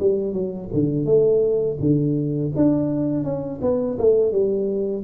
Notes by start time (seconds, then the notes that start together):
0.00 G3
0.33 F#3
0.74 D3
1.05 A3
1.80 D3
2.56 D4
3.24 C#4
3.61 B3
3.98 A3
4.32 G3